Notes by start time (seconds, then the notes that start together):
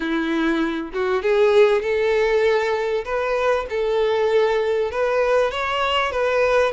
0.00 E4
0.93 F#4
1.22 G#4
1.82 A4
3.04 B4
3.69 A4
4.91 B4
5.51 C#5
6.11 B4